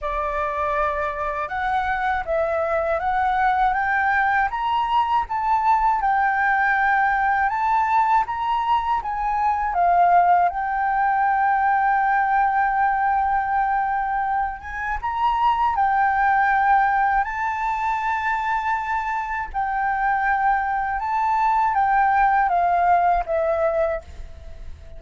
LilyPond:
\new Staff \with { instrumentName = "flute" } { \time 4/4 \tempo 4 = 80 d''2 fis''4 e''4 | fis''4 g''4 ais''4 a''4 | g''2 a''4 ais''4 | gis''4 f''4 g''2~ |
g''2.~ g''8 gis''8 | ais''4 g''2 a''4~ | a''2 g''2 | a''4 g''4 f''4 e''4 | }